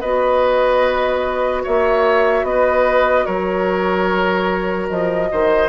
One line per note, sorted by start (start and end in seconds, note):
0.00 1.65 B3
0.00 5.68 F#4
0.00 1.62 B4
0.00 1.62 D#5
1.63 2.43 A#3
1.63 2.44 C#5
1.63 2.45 E5
2.43 3.24 B3
2.43 3.25 B4
2.43 3.25 D#5
3.25 4.89 F#3
3.25 5.28 A#4
3.25 4.87 C#5
4.89 5.30 F3
4.89 5.69 D#5
5.31 5.69 D#3
5.31 5.69 C5